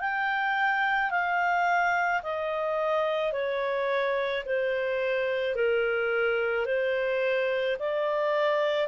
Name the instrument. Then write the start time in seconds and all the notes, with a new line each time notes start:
clarinet
0.00 G5
1.11 F5
2.23 D#5
3.32 C#5
4.45 C5
5.55 A#4
6.66 C5
7.79 D5